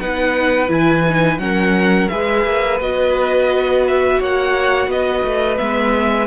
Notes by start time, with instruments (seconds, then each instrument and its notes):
0.00 cello B3, viola D#4, violin B4 F#5
0.68 cello E3, viola E4, violin G#5
1.09 viola D#4
1.38 cello F#3, viola C#4, violin A#4 F#5
2.09 cello G#3, viola G#4, violin B4 E5
2.45 cello A#3
2.80 cello B3, viola F#4, violin D#5
3.87 violin E5
4.20 cello A#3, violin C#5 F#5
4.87 cello B3, violin B4 D#5
5.24 cello A3
5.57 cello G#3, viola B3, violin E5